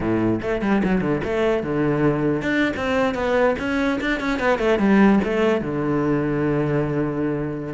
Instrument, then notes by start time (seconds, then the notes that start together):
cello
0.00 A2
0.41 A3
0.61 G3
0.84 F#3
1.01 D3
1.24 A3
1.63 D3
2.42 D4
2.76 C4
3.14 B3
3.58 C#4
4.01 D4
4.19 C#4
4.39 B3
4.58 A3
4.79 G3
5.24 A3
5.61 D3